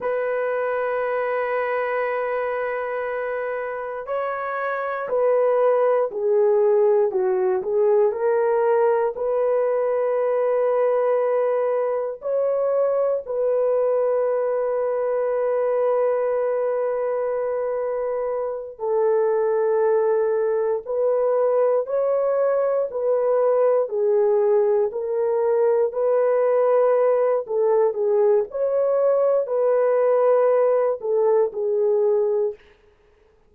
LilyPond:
\new Staff \with { instrumentName = "horn" } { \time 4/4 \tempo 4 = 59 b'1 | cis''4 b'4 gis'4 fis'8 gis'8 | ais'4 b'2. | cis''4 b'2.~ |
b'2~ b'8 a'4.~ | a'8 b'4 cis''4 b'4 gis'8~ | gis'8 ais'4 b'4. a'8 gis'8 | cis''4 b'4. a'8 gis'4 | }